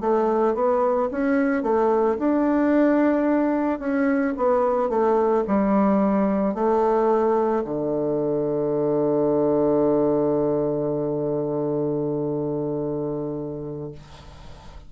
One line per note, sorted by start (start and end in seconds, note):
0.00 0.54 A3
0.54 1.09 B3
1.11 1.62 C#4
1.62 2.17 A3
2.18 3.79 D4
3.79 4.33 C#4
4.36 4.89 B3
4.89 5.43 A3
5.47 6.54 G3
6.54 7.63 A3
7.64 13.91 D3